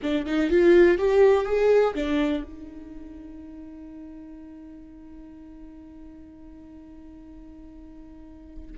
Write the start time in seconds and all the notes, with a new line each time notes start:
0.02 D4
0.25 D#4
0.50 F4
0.98 G4
1.45 G#4
1.94 D4
2.43 D#4